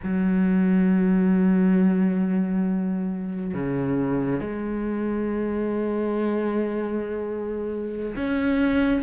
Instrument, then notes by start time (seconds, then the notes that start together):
cello
0.03 F#3
3.54 C#3
4.40 G#3
8.16 C#4